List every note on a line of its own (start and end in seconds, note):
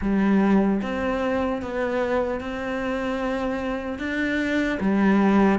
0.01 0.81 G3
0.81 1.61 C4
1.62 2.40 B3
2.40 3.99 C4
3.99 4.79 D4
4.80 5.59 G3